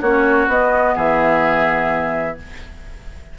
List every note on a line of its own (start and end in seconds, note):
0.00 0.47 A#3
0.00 0.49 C#4
0.00 0.94 F#4
0.00 0.47 C#5
0.47 0.94 B3
0.47 2.37 B3
0.47 0.97 D#5
0.95 2.37 E3
0.95 2.36 G#4
0.95 2.38 E5